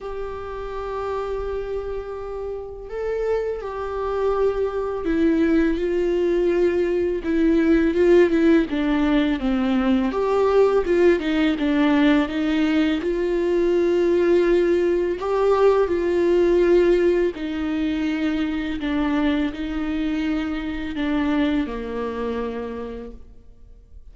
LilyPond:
\new Staff \with { instrumentName = "viola" } { \time 4/4 \tempo 4 = 83 g'1 | a'4 g'2 e'4 | f'2 e'4 f'8 e'8 | d'4 c'4 g'4 f'8 dis'8 |
d'4 dis'4 f'2~ | f'4 g'4 f'2 | dis'2 d'4 dis'4~ | dis'4 d'4 ais2 | }